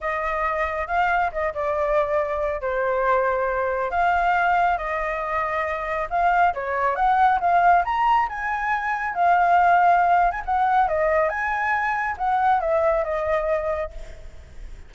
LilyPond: \new Staff \with { instrumentName = "flute" } { \time 4/4 \tempo 4 = 138 dis''2 f''4 dis''8 d''8~ | d''2 c''2~ | c''4 f''2 dis''4~ | dis''2 f''4 cis''4 |
fis''4 f''4 ais''4 gis''4~ | gis''4 f''2~ f''8. gis''16 | fis''4 dis''4 gis''2 | fis''4 e''4 dis''2 | }